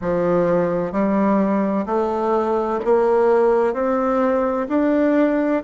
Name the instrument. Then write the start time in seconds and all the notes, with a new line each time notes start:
bassoon
0.01 F3
0.92 G3
1.85 A3
2.85 A#3
3.73 C4
4.69 D4